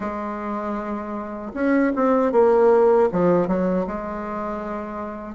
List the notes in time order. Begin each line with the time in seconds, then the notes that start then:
0.00 G#3
1.53 C#4
1.95 C4
2.32 A#3
3.12 F3
3.47 F#3
3.86 G#3